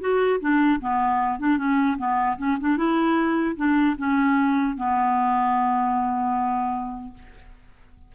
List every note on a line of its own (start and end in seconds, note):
0.00 0.39 F#4
0.40 0.79 D4
0.80 1.39 B3
1.39 1.58 D4
1.58 1.97 C#4
1.97 2.37 B3
2.38 2.57 C#4
2.60 2.77 D4
2.77 3.56 E4
3.56 3.95 D4
3.98 4.76 C#4
4.76 7.13 B3